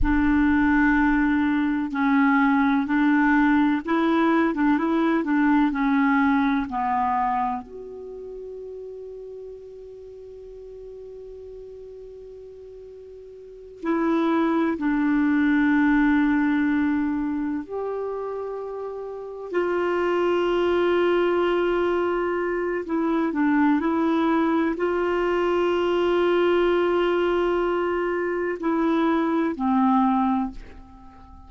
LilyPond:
\new Staff \with { instrumentName = "clarinet" } { \time 4/4 \tempo 4 = 63 d'2 cis'4 d'4 | e'8. d'16 e'8 d'8 cis'4 b4 | fis'1~ | fis'2~ fis'8 e'4 d'8~ |
d'2~ d'8 g'4.~ | g'8 f'2.~ f'8 | e'8 d'8 e'4 f'2~ | f'2 e'4 c'4 | }